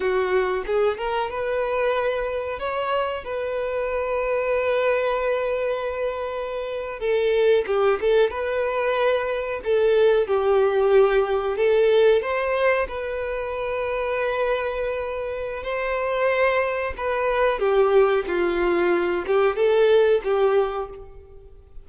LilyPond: \new Staff \with { instrumentName = "violin" } { \time 4/4 \tempo 4 = 92 fis'4 gis'8 ais'8 b'2 | cis''4 b'2.~ | b'2~ b'8. a'4 g'16~ | g'16 a'8 b'2 a'4 g'16~ |
g'4.~ g'16 a'4 c''4 b'16~ | b'1 | c''2 b'4 g'4 | f'4. g'8 a'4 g'4 | }